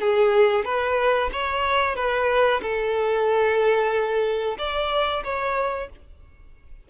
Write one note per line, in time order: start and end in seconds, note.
0.00 0.64 G#4
0.64 1.30 B4
1.32 1.95 C#5
1.95 2.60 B4
2.62 4.57 A4
4.58 5.23 D5
5.24 5.89 C#5